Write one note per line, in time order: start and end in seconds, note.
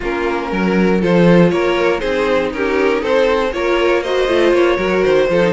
0.00 0.52 A#3
0.00 1.00 C#4
0.00 0.49 F4
0.00 1.03 A#4
0.51 1.02 F#3
0.51 1.01 A#4
1.00 1.52 F3
1.00 1.99 F4
1.00 1.51 A4
1.00 1.50 C5
1.50 2.02 A#3
1.50 2.00 A#4
1.50 1.99 C#5
1.99 2.53 C4
1.99 3.50 D#4
1.99 2.51 G#4
1.99 2.50 C5
2.53 3.02 C#4
2.53 3.01 G4
2.53 3.03 A#4
3.01 3.52 C4
3.01 3.51 A4
3.01 3.53 C5
3.52 4.28 A#3
3.52 4.03 F4
3.52 4.02 A#4
3.52 4.03 C#5
4.02 4.28 F#4
4.02 4.76 C5
4.02 4.53 D#5
4.28 4.52 A3
4.28 4.77 F4
4.52 4.77 A#3
4.52 5.04 C#5
4.76 5.03 F#3
4.76 5.28 F#4
4.76 5.26 A#4
5.04 5.29 D#3
5.04 5.53 C5
5.29 5.53 F3
5.29 5.41 F4
5.29 5.53 A4
5.41 5.53 D#4